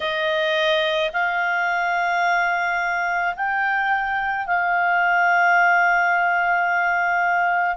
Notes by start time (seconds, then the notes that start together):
0.00 D#5
1.12 F5
3.35 G5
4.46 F5